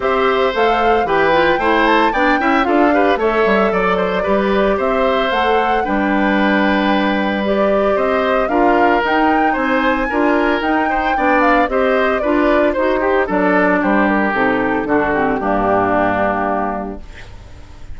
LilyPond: <<
  \new Staff \with { instrumentName = "flute" } { \time 4/4 \tempo 4 = 113 e''4 f''4 g''4. a''8 | g''4 f''4 e''4 d''4~ | d''4 e''4 fis''4 g''4~ | g''2 d''4 dis''4 |
f''4 g''4 gis''2 | g''4. f''8 dis''4 d''4 | c''4 d''4 c''8 ais'8 a'4~ | a'8 g'2.~ g'8 | }
  \new Staff \with { instrumentName = "oboe" } { \time 4/4 c''2 b'4 c''4 | d''8 e''8 a'8 b'8 cis''4 d''8 c''8 | b'4 c''2 b'4~ | b'2. c''4 |
ais'2 c''4 ais'4~ | ais'8 c''8 d''4 c''4 b'4 | c''8 g'8 a'4 g'2 | fis'4 d'2. | }
  \new Staff \with { instrumentName = "clarinet" } { \time 4/4 g'4 a'4 g'8 f'8 e'4 | d'8 e'8 f'8 g'8 a'2 | g'2 a'4 d'4~ | d'2 g'2 |
f'4 dis'2 f'4 | dis'4 d'4 g'4 f'4 | fis'8 g'8 d'2 dis'4 | d'8 c'8 ais2. | }
  \new Staff \with { instrumentName = "bassoon" } { \time 4/4 c'4 a4 e4 a4 | b8 cis'8 d'4 a8 g8 fis4 | g4 c'4 a4 g4~ | g2. c'4 |
d'4 dis'4 c'4 d'4 | dis'4 b4 c'4 d'4 | dis'4 fis4 g4 c4 | d4 g,2. | }
>>